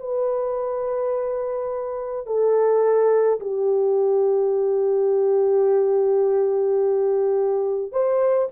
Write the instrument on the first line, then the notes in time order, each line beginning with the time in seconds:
horn
0.00 B4
2.26 A4
3.40 G4
7.92 C5